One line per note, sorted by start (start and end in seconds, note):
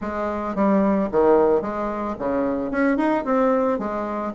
0.01 0.55 G#3
0.55 1.09 G3
1.11 1.61 D#3
1.61 2.15 G#3
2.18 2.71 C#3
2.71 2.97 C#4
2.97 3.24 D#4
3.25 3.78 C4
3.78 4.32 G#3